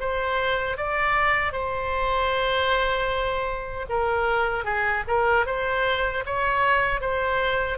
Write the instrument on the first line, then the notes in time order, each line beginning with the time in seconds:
oboe
0.00 C5
0.77 D5
1.53 C5
3.89 A#4
4.65 G#4
5.08 A#4
5.46 C5
6.26 C#5
7.01 C5